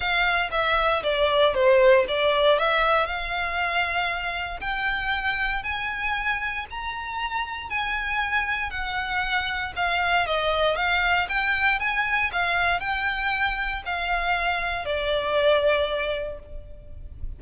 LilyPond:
\new Staff \with { instrumentName = "violin" } { \time 4/4 \tempo 4 = 117 f''4 e''4 d''4 c''4 | d''4 e''4 f''2~ | f''4 g''2 gis''4~ | gis''4 ais''2 gis''4~ |
gis''4 fis''2 f''4 | dis''4 f''4 g''4 gis''4 | f''4 g''2 f''4~ | f''4 d''2. | }